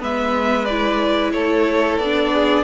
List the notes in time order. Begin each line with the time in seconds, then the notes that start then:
0.00 G#3 B3 B4 E5
0.65 E4 D5
1.33 A3 A4 C#5
1.98 B3 D5
2.05 D4
2.33 G#4